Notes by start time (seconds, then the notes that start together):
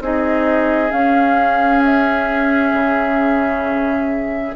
0.00 C4 D#4 G#4 D#5
0.89 C#4 F5
1.84 E5
2.73 C#3